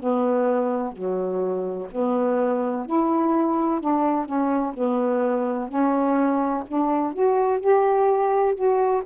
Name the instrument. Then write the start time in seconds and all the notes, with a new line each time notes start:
saxophone
0.00 B3
0.93 F#3
1.92 B3
2.86 E4
3.81 D4
4.26 C#4
4.74 B3
5.68 C#4
6.68 D4
7.14 F#4
7.60 G4
8.55 F#4